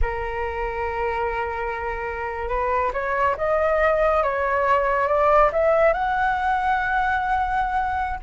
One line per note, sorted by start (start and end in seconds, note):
0.01 2.48 A#4
2.48 2.91 B4
2.93 3.36 C#5
3.37 4.23 D#5
4.23 5.07 C#5
5.07 5.50 D5
5.52 5.93 E5
5.93 8.19 F#5